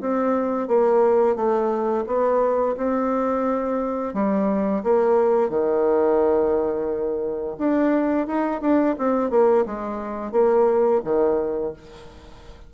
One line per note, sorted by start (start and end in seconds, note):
0.00 0.67 C4
0.67 1.36 A#3
1.36 2.05 A3
2.07 2.76 B3
2.77 4.14 C4
4.14 4.83 G3
4.83 5.50 A#3
5.50 7.56 D#3
7.58 8.27 D4
8.27 8.61 D#4
8.61 8.95 D4
8.98 9.30 C4
9.30 9.65 A#3
9.66 10.32 G#3
10.32 11.01 A#3
11.04 11.73 D#3